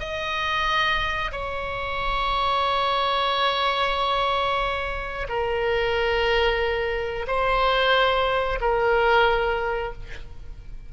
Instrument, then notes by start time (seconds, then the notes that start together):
oboe
0.00 D#5
1.32 C#5
5.29 A#4
7.28 C5
8.61 A#4